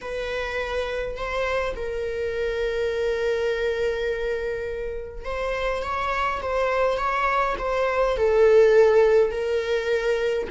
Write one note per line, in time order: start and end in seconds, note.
0.01 1.16 B4
1.16 1.74 C5
1.76 5.25 A#4
5.25 5.83 C5
5.83 6.41 C#5
6.42 6.97 C5
6.97 7.55 C#5
7.58 8.16 C5
8.16 9.31 A4
9.31 10.47 A#4